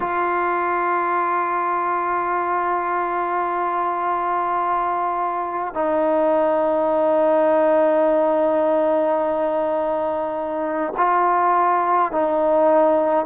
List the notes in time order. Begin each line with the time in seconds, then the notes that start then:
0.00 F4
5.74 D#4
10.97 F4
12.12 D#4